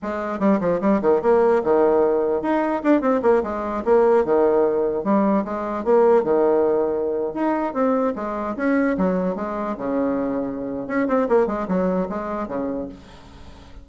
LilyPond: \new Staff \with { instrumentName = "bassoon" } { \time 4/4 \tempo 4 = 149 gis4 g8 f8 g8 dis8 ais4 | dis2 dis'4 d'8 c'8 | ais8 gis4 ais4 dis4.~ | dis8 g4 gis4 ais4 dis8~ |
dis2~ dis16 dis'4 c'8.~ | c'16 gis4 cis'4 fis4 gis8.~ | gis16 cis2~ cis8. cis'8 c'8 | ais8 gis8 fis4 gis4 cis4 | }